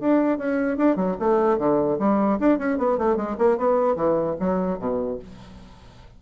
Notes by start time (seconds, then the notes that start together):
0.00 D4
0.38 C#4
0.77 D4
0.96 F#3
1.20 A3
1.58 D3
1.99 G3
2.40 D4
2.59 C#4
2.78 B3
2.98 A3
3.17 G#3
3.38 A#3
3.58 B3
3.96 E3
4.40 F#3
4.79 B2